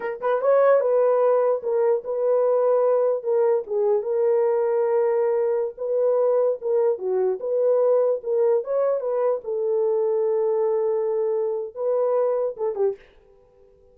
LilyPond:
\new Staff \with { instrumentName = "horn" } { \time 4/4 \tempo 4 = 148 ais'8 b'8 cis''4 b'2 | ais'4 b'2. | ais'4 gis'4 ais'2~ | ais'2~ ais'16 b'4.~ b'16~ |
b'16 ais'4 fis'4 b'4.~ b'16~ | b'16 ais'4 cis''4 b'4 a'8.~ | a'1~ | a'4 b'2 a'8 g'8 | }